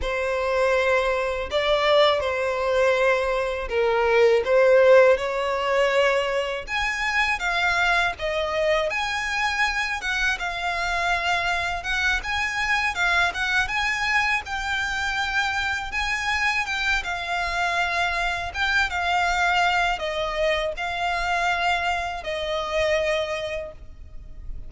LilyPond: \new Staff \with { instrumentName = "violin" } { \time 4/4 \tempo 4 = 81 c''2 d''4 c''4~ | c''4 ais'4 c''4 cis''4~ | cis''4 gis''4 f''4 dis''4 | gis''4. fis''8 f''2 |
fis''8 gis''4 f''8 fis''8 gis''4 g''8~ | g''4. gis''4 g''8 f''4~ | f''4 g''8 f''4. dis''4 | f''2 dis''2 | }